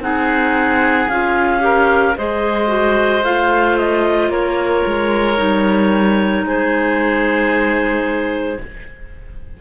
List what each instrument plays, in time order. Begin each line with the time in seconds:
0.00 cello C4, clarinet D#4 F#5, oboe G#4
1.08 cello C#4, clarinet F4 F5
1.60 clarinet G4, oboe A#4
2.17 cello G#3, clarinet G#4 D#5, oboe C5
2.67 clarinet F#4
3.24 cello A3, clarinet F4 F5
3.77 clarinet D#5
4.29 cello A#3, oboe A#4, clarinet C#5
4.86 cello G#3
5.36 cello G3, clarinet D#4
6.44 cello G#3, oboe G#4, clarinet C5